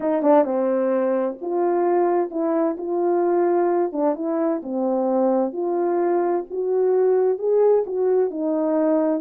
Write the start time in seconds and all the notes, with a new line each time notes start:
0.00 D#4
0.22 D4
0.44 C4
1.41 F4
2.30 E4
2.77 F4
3.92 D4
4.15 E4
4.62 C4
5.52 F4
6.50 F#4
7.38 G#4
7.86 F#4
8.30 D#4